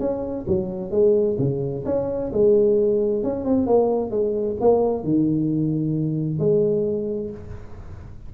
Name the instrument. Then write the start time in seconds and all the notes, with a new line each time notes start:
tuba
0.00 C#4
0.47 F#3
0.91 G#3
1.39 C#3
1.86 C#4
2.33 G#3
3.24 C#4
3.45 C4
3.67 A#3
4.11 G#3
4.61 A#3
5.04 D#3
6.39 G#3